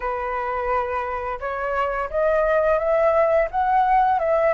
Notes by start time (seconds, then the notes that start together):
0.00 B4
1.40 C#5
2.10 D#5
2.78 E5
3.50 F#5
4.19 E5